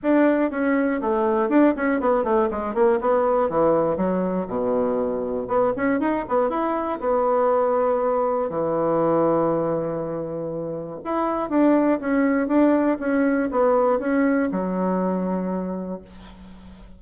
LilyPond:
\new Staff \with { instrumentName = "bassoon" } { \time 4/4 \tempo 4 = 120 d'4 cis'4 a4 d'8 cis'8 | b8 a8 gis8 ais8 b4 e4 | fis4 b,2 b8 cis'8 | dis'8 b8 e'4 b2~ |
b4 e2.~ | e2 e'4 d'4 | cis'4 d'4 cis'4 b4 | cis'4 fis2. | }